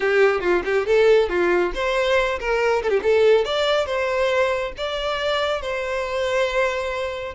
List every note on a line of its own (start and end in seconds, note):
0.00 0.40 G4
0.40 0.62 F4
0.65 0.86 G4
0.86 1.29 A4
1.29 1.72 F4
1.74 2.39 C5
2.39 2.82 A#4
2.83 2.89 A4
2.89 3.00 G4
3.02 3.44 A4
3.44 3.86 D5
3.86 4.72 C5
4.77 5.61 D5
5.61 7.34 C5